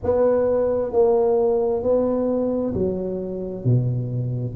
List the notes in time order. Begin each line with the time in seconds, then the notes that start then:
0.03 B3
0.92 A#3
1.82 B3
2.74 F#3
3.64 B2